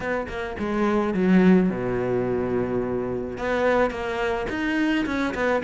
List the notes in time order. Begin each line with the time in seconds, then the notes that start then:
0.00 B3
0.28 A#3
0.59 G#3
1.13 F#3
1.69 B2
3.37 B3
3.90 A#3
4.49 D#4
5.05 C#4
5.34 B3